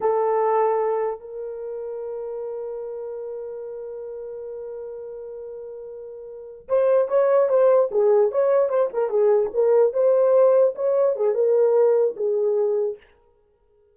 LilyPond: \new Staff \with { instrumentName = "horn" } { \time 4/4 \tempo 4 = 148 a'2. ais'4~ | ais'1~ | ais'1~ | ais'1~ |
ais'8 c''4 cis''4 c''4 gis'8~ | gis'8 cis''4 c''8 ais'8 gis'4 ais'8~ | ais'8 c''2 cis''4 gis'8 | ais'2 gis'2 | }